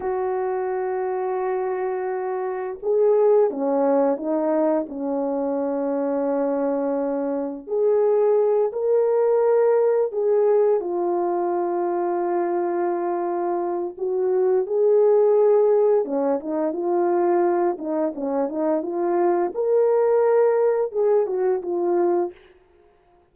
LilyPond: \new Staff \with { instrumentName = "horn" } { \time 4/4 \tempo 4 = 86 fis'1 | gis'4 cis'4 dis'4 cis'4~ | cis'2. gis'4~ | gis'8 ais'2 gis'4 f'8~ |
f'1 | fis'4 gis'2 cis'8 dis'8 | f'4. dis'8 cis'8 dis'8 f'4 | ais'2 gis'8 fis'8 f'4 | }